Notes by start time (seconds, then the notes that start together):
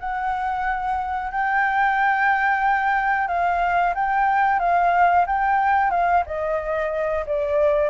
0.00 F#5
1.32 G5
3.28 F5
3.94 G5
4.60 F5
5.27 G5
5.90 F5
6.26 D#5
7.26 D5